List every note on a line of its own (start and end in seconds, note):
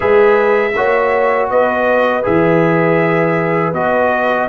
0.00 0.75 G#3
0.00 0.71 G#4
0.00 0.73 B4
0.00 1.49 E5
0.75 1.50 A#3
0.75 2.23 F#4
0.75 1.50 C#5
1.50 2.25 B3
1.50 4.48 B4
1.50 2.25 D#5
2.23 3.72 E3
2.23 3.73 G#4
2.23 3.74 E5
3.72 4.47 B3
3.72 4.48 F#4
3.72 4.48 D#5